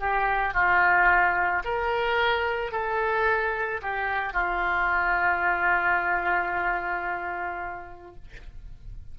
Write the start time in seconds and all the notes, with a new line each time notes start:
0.00 G4
0.54 F4
1.65 A#4
2.72 A4
3.82 G4
4.33 F4